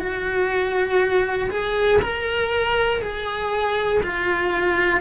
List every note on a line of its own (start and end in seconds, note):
0.00 1.50 F#4
1.50 2.00 G#4
2.02 3.02 A#4
3.02 4.02 G#4
4.04 5.01 F4